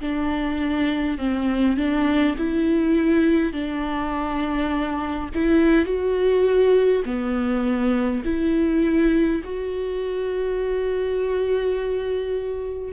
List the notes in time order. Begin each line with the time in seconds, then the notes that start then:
0.00 D4
1.18 C4
1.76 D4
2.37 E4
3.53 D4
5.34 E4
5.85 F#4
7.05 B3
8.24 E4
9.44 F#4